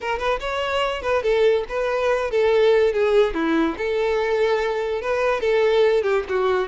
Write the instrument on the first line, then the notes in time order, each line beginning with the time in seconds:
violin
0.00 A#4
0.18 B4
0.39 C#5
1.02 B4
1.22 A4
1.69 B4
2.30 A4
2.93 G#4
3.33 E4
3.77 A4
5.01 B4
5.40 A4
6.02 G4
6.28 F#4